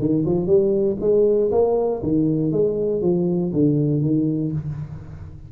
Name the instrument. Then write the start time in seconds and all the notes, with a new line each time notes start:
tuba
0.00 D#3
0.26 F3
0.47 G3
1.01 G#3
1.52 A#3
2.03 D#3
2.52 G#3
3.02 F3
3.54 D3
4.02 D#3